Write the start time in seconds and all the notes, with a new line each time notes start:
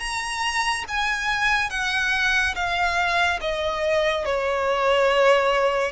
0.00 A#5
0.88 G#5
1.71 F#5
2.55 F5
3.41 D#5
4.26 C#5